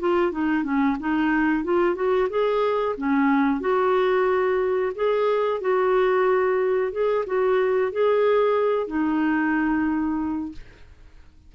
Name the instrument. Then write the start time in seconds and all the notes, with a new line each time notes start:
clarinet
0.00 F4
0.32 D#4
0.64 C#4
1.00 D#4
1.65 F4
1.96 F#4
2.30 G#4
2.98 C#4
3.61 F#4
4.96 G#4
5.61 F#4
6.92 G#4
7.26 F#4
7.92 G#4
8.88 D#4